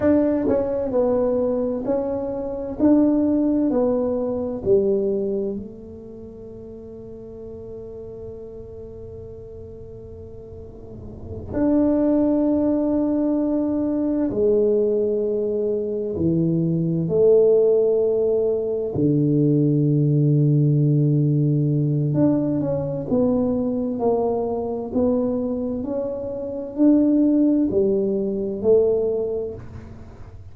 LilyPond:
\new Staff \with { instrumentName = "tuba" } { \time 4/4 \tempo 4 = 65 d'8 cis'8 b4 cis'4 d'4 | b4 g4 a2~ | a1~ | a8 d'2. gis8~ |
gis4. e4 a4.~ | a8 d2.~ d8 | d'8 cis'8 b4 ais4 b4 | cis'4 d'4 g4 a4 | }